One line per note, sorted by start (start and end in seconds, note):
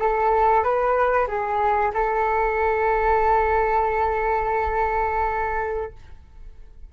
0.00 0.64 A4
0.64 1.28 B4
1.28 1.92 G#4
1.94 5.93 A4